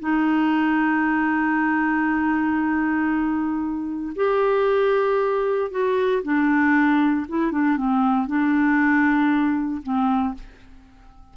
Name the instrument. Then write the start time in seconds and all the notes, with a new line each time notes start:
clarinet
0.00 D#4
4.16 G4
5.71 F#4
6.23 D4
7.29 E4
7.52 D4
7.77 C4
8.27 D4
9.83 C4